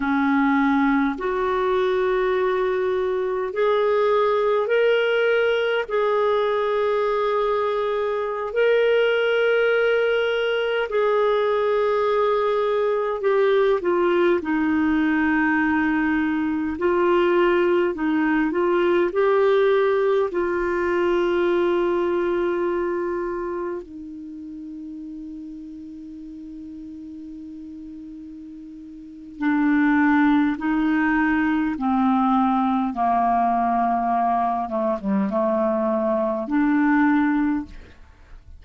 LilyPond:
\new Staff \with { instrumentName = "clarinet" } { \time 4/4 \tempo 4 = 51 cis'4 fis'2 gis'4 | ais'4 gis'2~ gis'16 ais'8.~ | ais'4~ ais'16 gis'2 g'8 f'16~ | f'16 dis'2 f'4 dis'8 f'16~ |
f'16 g'4 f'2~ f'8.~ | f'16 dis'2.~ dis'8.~ | dis'4 d'4 dis'4 c'4 | ais4. a16 g16 a4 d'4 | }